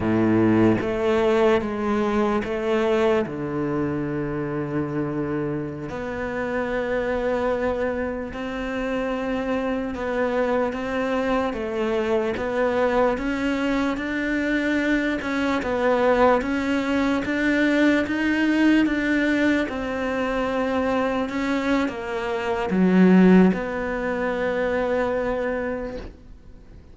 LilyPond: \new Staff \with { instrumentName = "cello" } { \time 4/4 \tempo 4 = 74 a,4 a4 gis4 a4 | d2.~ d16 b8.~ | b2~ b16 c'4.~ c'16~ | c'16 b4 c'4 a4 b8.~ |
b16 cis'4 d'4. cis'8 b8.~ | b16 cis'4 d'4 dis'4 d'8.~ | d'16 c'2 cis'8. ais4 | fis4 b2. | }